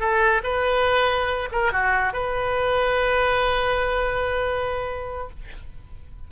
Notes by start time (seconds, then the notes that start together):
0.00 A4
0.44 B4
1.52 A#4
1.73 F#4
2.13 B4